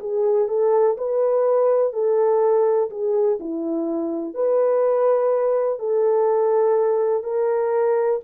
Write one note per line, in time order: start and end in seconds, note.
0.00 0.48 G#4
0.48 0.97 A4
0.98 1.93 B4
1.93 2.90 A4
2.90 3.39 G#4
3.40 4.34 E4
4.34 5.79 B4
5.79 7.24 A4
7.24 8.20 A#4